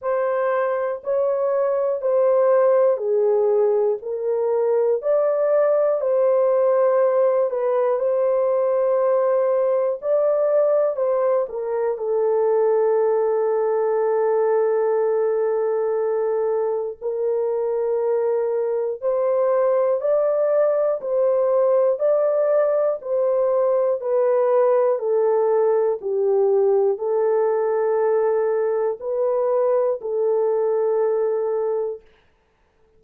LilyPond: \new Staff \with { instrumentName = "horn" } { \time 4/4 \tempo 4 = 60 c''4 cis''4 c''4 gis'4 | ais'4 d''4 c''4. b'8 | c''2 d''4 c''8 ais'8 | a'1~ |
a'4 ais'2 c''4 | d''4 c''4 d''4 c''4 | b'4 a'4 g'4 a'4~ | a'4 b'4 a'2 | }